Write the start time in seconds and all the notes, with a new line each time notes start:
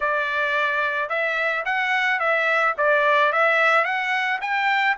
0.00 D5
1.09 E5
1.65 F#5
2.19 E5
2.77 D5
3.32 E5
3.84 F#5
4.41 G5